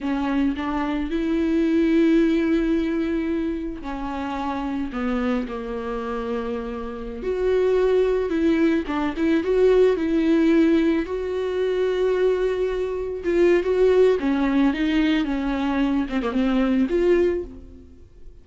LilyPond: \new Staff \with { instrumentName = "viola" } { \time 4/4 \tempo 4 = 110 cis'4 d'4 e'2~ | e'2. cis'4~ | cis'4 b4 ais2~ | ais4~ ais16 fis'2 e'8.~ |
e'16 d'8 e'8 fis'4 e'4.~ e'16~ | e'16 fis'2.~ fis'8.~ | fis'16 f'8. fis'4 cis'4 dis'4 | cis'4. c'16 ais16 c'4 f'4 | }